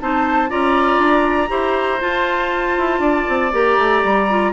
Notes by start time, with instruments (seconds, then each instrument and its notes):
0.00 bassoon C4, clarinet D#4, oboe C5, flute A5
0.49 bassoon C#4, clarinet F4, oboe D5, flute A#5
0.98 bassoon D4
1.48 bassoon E4, clarinet G4, oboe C5
1.99 clarinet F4, bassoon F4, flute A5
2.77 bassoon E4
2.98 bassoon D4, oboe D5
3.28 bassoon C4
3.51 bassoon A#3, clarinet G4, flute A#5
3.77 bassoon A3
4.03 bassoon G3
4.29 clarinet F4